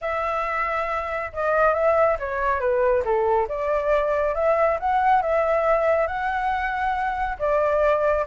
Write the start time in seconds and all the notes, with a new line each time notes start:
0.01 E5
1.32 D#5
1.74 E5
2.19 C#5
2.59 B4
3.04 A4
3.48 D5
4.34 E5
4.79 F#5
5.22 E5
6.07 F#5
7.38 D5